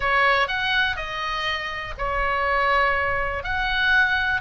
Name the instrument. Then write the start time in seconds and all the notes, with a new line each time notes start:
oboe
0.00 C#5
0.47 F#5
0.96 D#5
1.98 C#5
3.43 F#5